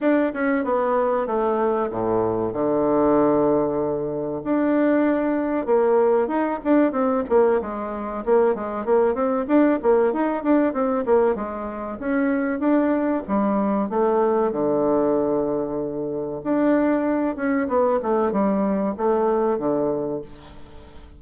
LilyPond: \new Staff \with { instrumentName = "bassoon" } { \time 4/4 \tempo 4 = 95 d'8 cis'8 b4 a4 a,4 | d2. d'4~ | d'4 ais4 dis'8 d'8 c'8 ais8 | gis4 ais8 gis8 ais8 c'8 d'8 ais8 |
dis'8 d'8 c'8 ais8 gis4 cis'4 | d'4 g4 a4 d4~ | d2 d'4. cis'8 | b8 a8 g4 a4 d4 | }